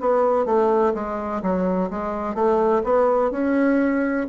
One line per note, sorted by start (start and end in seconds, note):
0.00 0.45 B3
0.45 0.93 A3
0.94 1.42 G#3
1.42 1.90 F#3
1.90 2.34 G#3
2.34 2.82 A3
2.84 3.31 B3
3.31 4.26 C#4